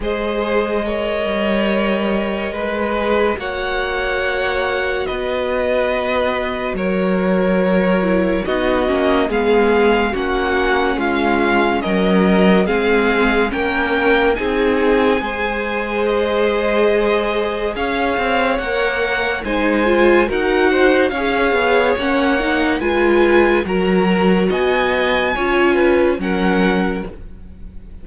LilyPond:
<<
  \new Staff \with { instrumentName = "violin" } { \time 4/4 \tempo 4 = 71 dis''1 | fis''2 dis''2 | cis''2 dis''4 f''4 | fis''4 f''4 dis''4 f''4 |
g''4 gis''2 dis''4~ | dis''4 f''4 fis''4 gis''4 | fis''4 f''4 fis''4 gis''4 | ais''4 gis''2 fis''4 | }
  \new Staff \with { instrumentName = "violin" } { \time 4/4 c''4 cis''2 b'4 | cis''2 b'2 | ais'2 fis'4 gis'4 | fis'4 f'4 ais'4 gis'4 |
ais'4 gis'4 c''2~ | c''4 cis''2 c''4 | ais'8 c''8 cis''2 b'4 | ais'4 dis''4 cis''8 b'8 ais'4 | }
  \new Staff \with { instrumentName = "viola" } { \time 4/4 gis'4 ais'2~ ais'8 gis'8 | fis'1~ | fis'4. e'8 dis'8 cis'8 b4 | cis'2. c'4 |
cis'4 dis'4 gis'2~ | gis'2 ais'4 dis'8 f'8 | fis'4 gis'4 cis'8 dis'8 f'4 | fis'2 f'4 cis'4 | }
  \new Staff \with { instrumentName = "cello" } { \time 4/4 gis4. g4. gis4 | ais2 b2 | fis2 b8 ais8 gis4 | ais4 gis4 fis4 gis4 |
ais4 c'4 gis2~ | gis4 cis'8 c'8 ais4 gis4 | dis'4 cis'8 b8 ais4 gis4 | fis4 b4 cis'4 fis4 | }
>>